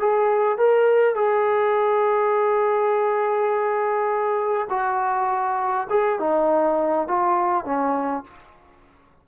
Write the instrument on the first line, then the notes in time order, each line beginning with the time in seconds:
trombone
0.00 G#4
0.58 A#4
1.15 G#4
4.70 F#4
5.90 G#4
6.20 D#4
7.08 F4
7.65 C#4